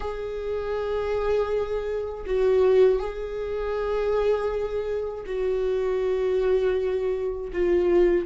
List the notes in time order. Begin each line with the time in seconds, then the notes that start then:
0.00 G#4
2.26 F#4
2.99 G#4
5.25 F#4
7.52 F4